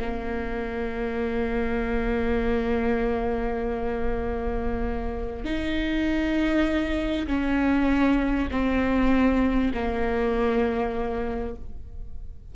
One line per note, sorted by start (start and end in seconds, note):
0.00 5.45 A#3
5.45 7.27 D#4
7.27 8.48 C#4
8.51 9.72 C4
9.74 11.56 A#3